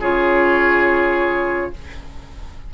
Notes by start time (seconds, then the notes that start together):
0.00 C#3 F4 G#4 C#5